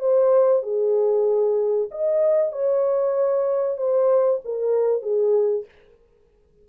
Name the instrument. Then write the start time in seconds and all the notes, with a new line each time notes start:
horn
0.00 C5
0.63 G#4
1.91 D#5
2.52 C#5
3.77 C5
4.44 A#4
5.02 G#4